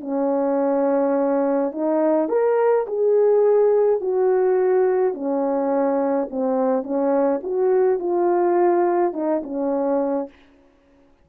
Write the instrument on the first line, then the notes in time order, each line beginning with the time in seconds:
horn
0.00 C#4
1.71 D#4
2.29 A#4
2.86 G#4
4.00 F#4
5.14 C#4
6.30 C4
6.83 C#4
7.43 F#4
7.99 F4
9.13 D#4
9.43 C#4